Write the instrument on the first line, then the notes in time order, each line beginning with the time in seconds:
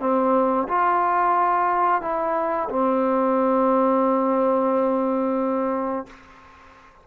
trombone
0.00 C4
0.68 F4
2.01 E4
2.69 C4